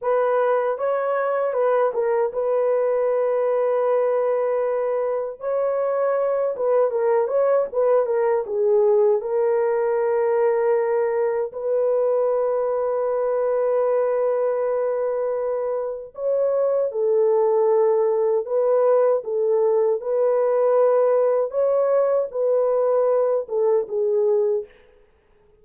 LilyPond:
\new Staff \with { instrumentName = "horn" } { \time 4/4 \tempo 4 = 78 b'4 cis''4 b'8 ais'8 b'4~ | b'2. cis''4~ | cis''8 b'8 ais'8 cis''8 b'8 ais'8 gis'4 | ais'2. b'4~ |
b'1~ | b'4 cis''4 a'2 | b'4 a'4 b'2 | cis''4 b'4. a'8 gis'4 | }